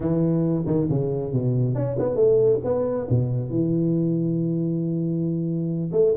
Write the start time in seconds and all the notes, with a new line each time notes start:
0.00 E3
0.66 D#3
0.89 C#3
1.32 B2
1.74 C#4
1.98 B3
2.15 A3
2.63 B3
3.09 B2
3.50 E3
5.92 A3